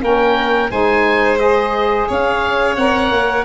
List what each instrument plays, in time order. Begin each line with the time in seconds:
0.00 tuba A#3, saxophone C#4, violin A#4, oboe G5
0.70 tuba G#3, saxophone D#4, violin C5, oboe G#5
1.38 saxophone G#4, oboe D#5
2.08 tuba C#4, violin C#5, oboe F5
2.76 tuba C4, saxophone A#4, oboe F#5
3.11 tuba A#3